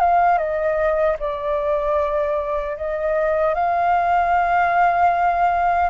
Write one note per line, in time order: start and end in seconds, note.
0.00 0.38 F5
0.38 1.17 D#5
1.19 2.77 D5
2.77 3.54 D#5
3.54 5.90 F5